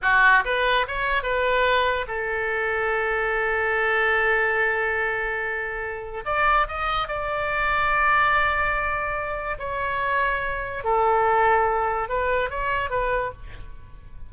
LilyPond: \new Staff \with { instrumentName = "oboe" } { \time 4/4 \tempo 4 = 144 fis'4 b'4 cis''4 b'4~ | b'4 a'2.~ | a'1~ | a'2. d''4 |
dis''4 d''2.~ | d''2. cis''4~ | cis''2 a'2~ | a'4 b'4 cis''4 b'4 | }